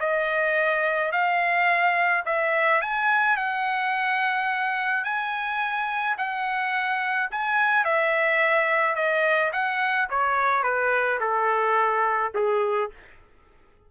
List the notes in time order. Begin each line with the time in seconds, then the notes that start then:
0.00 D#5
1.12 F5
2.26 E5
2.82 G#5
3.37 F#5
5.05 G#5
6.18 F#5
7.32 G#5
7.85 E5
8.96 D#5
9.53 F#5
10.10 C#5
10.63 B4
11.21 A4
12.35 G#4